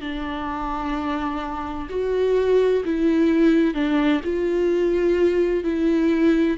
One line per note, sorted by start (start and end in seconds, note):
0.00 1.87 D4
1.89 2.83 F#4
2.85 3.74 E4
3.74 4.21 D4
4.24 5.63 F4
5.63 6.57 E4